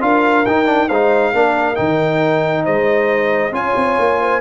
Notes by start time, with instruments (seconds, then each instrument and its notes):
0.00 tuba D4, trombone F4, horn A#4, trumpet F5
0.45 tuba D#4, trombone D#4, trumpet G5
0.65 trombone D4
0.88 tuba G#3, trombone D#4, horn C5, trumpet F5
1.33 tuba A#3, trombone D4, horn A#4
1.75 tuba D#3, trombone D#4, trumpet G5
2.63 tuba G#3, horn C5, trumpet D#5
3.51 tuba C#4, trombone F4, horn C#5, trumpet G#5
3.75 tuba C4
3.99 tuba A#3
4.21 horn C5